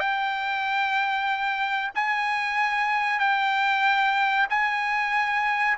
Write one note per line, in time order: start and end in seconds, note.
0.00 1.91 G5
1.96 3.20 G#5
3.20 4.48 G5
4.50 5.78 G#5